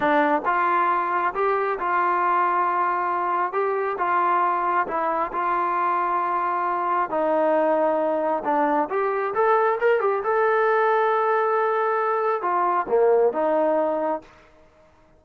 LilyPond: \new Staff \with { instrumentName = "trombone" } { \time 4/4 \tempo 4 = 135 d'4 f'2 g'4 | f'1 | g'4 f'2 e'4 | f'1 |
dis'2. d'4 | g'4 a'4 ais'8 g'8 a'4~ | a'1 | f'4 ais4 dis'2 | }